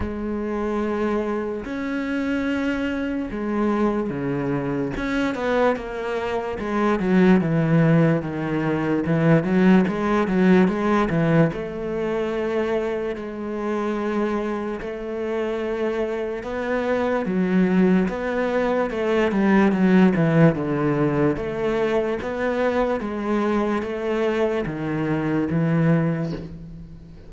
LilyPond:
\new Staff \with { instrumentName = "cello" } { \time 4/4 \tempo 4 = 73 gis2 cis'2 | gis4 cis4 cis'8 b8 ais4 | gis8 fis8 e4 dis4 e8 fis8 | gis8 fis8 gis8 e8 a2 |
gis2 a2 | b4 fis4 b4 a8 g8 | fis8 e8 d4 a4 b4 | gis4 a4 dis4 e4 | }